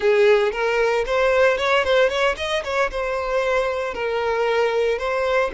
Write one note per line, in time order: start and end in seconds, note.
0.00 0.52 G#4
0.52 1.04 A#4
1.06 1.57 C5
1.57 1.84 C#5
1.84 2.09 C5
2.09 2.35 C#5
2.37 2.63 D#5
2.64 2.90 C#5
2.91 3.94 C5
3.94 4.98 A#4
4.98 5.50 C5